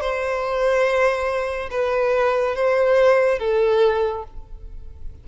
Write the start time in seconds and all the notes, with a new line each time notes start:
0.00 C5
1.70 B4
2.55 C5
3.39 A4